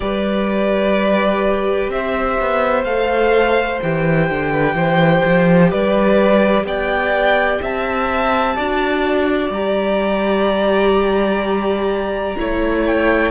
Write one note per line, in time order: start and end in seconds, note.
0.00 1.88 G3
0.00 2.83 G4
0.00 1.92 B4
0.00 1.90 D5
1.88 2.36 C4
1.88 4.51 C5
1.88 2.84 E5
2.40 2.84 B3
2.84 3.79 A3
2.84 3.81 A4
2.84 3.79 F5
3.82 4.30 E3
3.82 8.57 G4
3.82 5.71 G5
4.30 4.73 D3
4.51 4.75 B4
4.73 5.21 E3
4.73 5.70 C5
5.24 5.72 F3
5.70 6.63 G3
5.70 6.65 B4
5.70 6.66 D5
6.63 7.59 B3
6.63 7.61 D5
6.63 7.62 G5
7.61 8.57 C4
7.61 8.56 E5
7.61 9.53 A5
8.56 9.50 D4
8.56 9.52 F#4
8.56 12.37 D5
9.50 12.35 G3
9.50 12.37 G4
9.50 12.86 A#5
12.37 13.31 A3
12.37 13.31 E4
12.37 13.31 C#5
12.86 13.31 G5